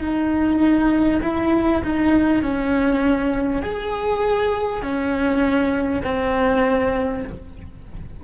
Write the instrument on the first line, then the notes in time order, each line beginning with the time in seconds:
cello
0.00 D#4
1.23 E4
1.84 D#4
2.42 C#4
3.62 G#4
4.82 C#4
6.04 C4